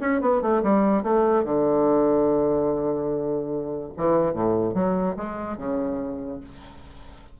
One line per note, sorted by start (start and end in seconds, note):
0.00 0.21 C#4
0.21 0.41 B3
0.41 0.62 A3
0.63 1.03 G3
1.03 1.44 A3
1.44 3.92 D3
3.97 4.33 E3
4.33 4.74 A2
4.74 5.15 F#3
5.16 5.57 G#3
5.57 6.40 C#3